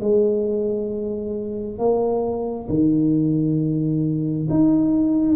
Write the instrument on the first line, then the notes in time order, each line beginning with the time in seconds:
tuba
0.00 G#3
1.79 A#3
2.69 D#3
4.49 D#4